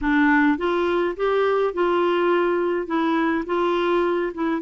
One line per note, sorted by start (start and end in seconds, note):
0.01 0.57 D4
0.57 1.15 F4
1.16 1.73 G4
1.73 2.86 F4
2.86 3.44 E4
3.46 4.32 F4
4.34 4.61 E4